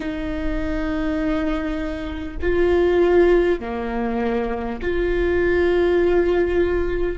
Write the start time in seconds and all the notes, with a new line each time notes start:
0.00 D#4
2.41 F4
3.60 A#3
4.82 F4